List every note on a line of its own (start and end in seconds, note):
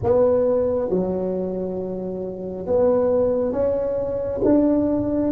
0.03 0.89 B3
0.89 2.66 F#3
2.66 3.52 B3
3.52 4.40 C#4
4.44 5.32 D4